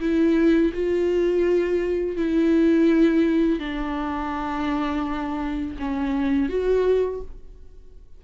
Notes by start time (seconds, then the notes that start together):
0.00 E4
0.74 F4
2.17 E4
3.60 D4
5.79 C#4
6.49 F#4